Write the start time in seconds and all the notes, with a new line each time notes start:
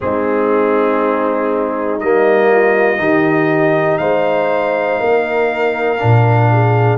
0.00 G#3 C4 D#4 G#4
1.99 G3 A#3 D#5
2.51 F4
2.97 D#3 D#4 G4
3.98 G#3 C5 F5
5.00 A#3 A#4
5.99 A#2 D4
6.52 G#4